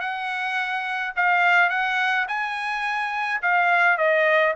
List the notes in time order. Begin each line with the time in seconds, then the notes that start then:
0.00 F#5
1.16 F5
1.69 F#5
2.28 G#5
3.42 F5
3.97 D#5